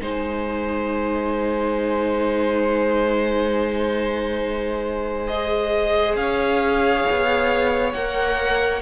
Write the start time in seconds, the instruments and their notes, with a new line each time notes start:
0.00 cello G#3, viola D#4, violin C5 G#5
5.28 viola G#4, violin D#5
6.16 cello C#4, violin C#5 F5
7.11 cello B3
7.94 cello A#3, viola A#4, violin F#5